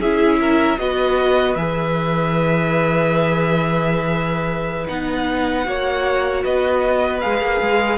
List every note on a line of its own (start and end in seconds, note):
0.00 0.78 C#4
0.00 0.78 E4
0.00 0.39 G#4
0.00 0.79 E5
0.40 0.79 A#4
0.78 1.56 B3
0.78 1.56 F#4
0.78 5.67 B4
0.78 1.56 D#5
1.56 4.87 E3
1.56 4.87 G#4
1.56 4.87 E5
4.87 5.66 B3
4.87 5.64 D#4
4.87 6.44 F#5
5.64 6.44 A#3
5.64 7.20 F#4
5.64 6.44 C#5
6.44 7.23 B3
6.44 7.98 B4
6.44 7.20 D#5
7.20 7.41 G#3
7.20 7.98 G#4
7.20 7.98 F5
7.41 7.60 A#3
7.61 7.98 G#3